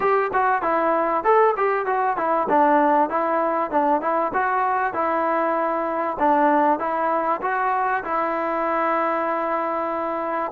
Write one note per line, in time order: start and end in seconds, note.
0.00 0.31 G4
0.33 0.62 F#4
0.62 1.23 E4
1.24 1.55 A4
1.56 1.86 G4
1.86 2.16 F#4
2.16 2.47 E4
2.49 3.09 D4
3.09 3.70 E4
3.70 4.01 D4
4.01 4.32 E4
4.33 4.93 F#4
4.93 6.17 E4
6.19 6.79 D4
6.79 7.41 E4
7.41 8.03 F#4
8.04 10.51 E4